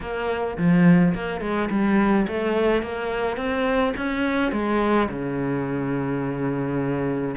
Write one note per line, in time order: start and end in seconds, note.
0.00 0.57 A#3
0.57 1.14 F3
1.14 1.40 A#3
1.40 1.69 G#3
1.70 2.26 G3
2.27 2.82 A3
2.82 3.36 A#3
3.36 3.93 C4
3.96 4.52 C#4
4.52 5.08 G#3
5.09 7.35 C#3